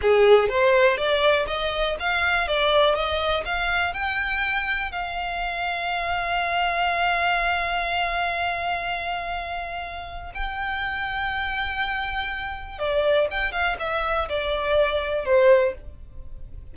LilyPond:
\new Staff \with { instrumentName = "violin" } { \time 4/4 \tempo 4 = 122 gis'4 c''4 d''4 dis''4 | f''4 d''4 dis''4 f''4 | g''2 f''2~ | f''1~ |
f''1~ | f''4 g''2.~ | g''2 d''4 g''8 f''8 | e''4 d''2 c''4 | }